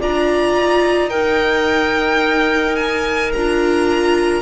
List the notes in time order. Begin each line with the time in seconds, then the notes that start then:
0.00 D4 F4 D5 A#5
0.56 D#4
1.10 D#4 A#4 G5
2.76 G#5
3.33 D4 F4 A#5